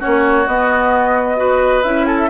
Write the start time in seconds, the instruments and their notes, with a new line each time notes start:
0.00 clarinet C#4, oboe F#4, flute C#5
0.06 bassoon A#3
0.47 bassoon B3, clarinet B3, flute D#5
1.37 clarinet F#4, oboe B4
1.83 bassoon C#4, clarinet E4, flute E5
2.06 oboe A4, flute G#5
2.19 flute E5